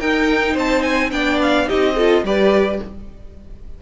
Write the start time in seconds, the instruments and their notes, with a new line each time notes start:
0.00 cello D#4, viola D#4, violin A#4 G5
0.54 cello C4, violin C5 A5
0.83 violin G#5
1.11 cello B3, viola D4, violin D5 G5
1.42 violin F5
1.66 viola D#4, violin G4 D#5
1.72 cello C4
1.96 viola F4, violin A4
2.23 cello G3, viola G4, violin B4 D5